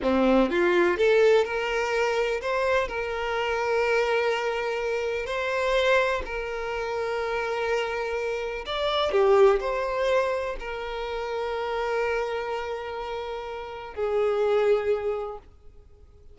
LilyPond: \new Staff \with { instrumentName = "violin" } { \time 4/4 \tempo 4 = 125 c'4 f'4 a'4 ais'4~ | ais'4 c''4 ais'2~ | ais'2. c''4~ | c''4 ais'2.~ |
ais'2 d''4 g'4 | c''2 ais'2~ | ais'1~ | ais'4 gis'2. | }